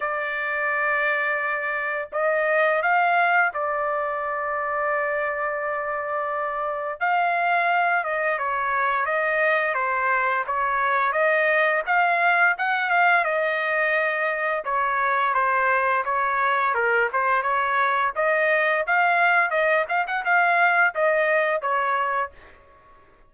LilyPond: \new Staff \with { instrumentName = "trumpet" } { \time 4/4 \tempo 4 = 86 d''2. dis''4 | f''4 d''2.~ | d''2 f''4. dis''8 | cis''4 dis''4 c''4 cis''4 |
dis''4 f''4 fis''8 f''8 dis''4~ | dis''4 cis''4 c''4 cis''4 | ais'8 c''8 cis''4 dis''4 f''4 | dis''8 f''16 fis''16 f''4 dis''4 cis''4 | }